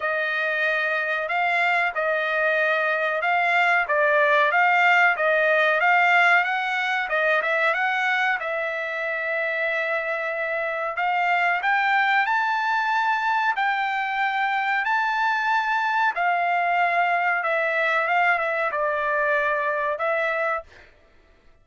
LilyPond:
\new Staff \with { instrumentName = "trumpet" } { \time 4/4 \tempo 4 = 93 dis''2 f''4 dis''4~ | dis''4 f''4 d''4 f''4 | dis''4 f''4 fis''4 dis''8 e''8 | fis''4 e''2.~ |
e''4 f''4 g''4 a''4~ | a''4 g''2 a''4~ | a''4 f''2 e''4 | f''8 e''8 d''2 e''4 | }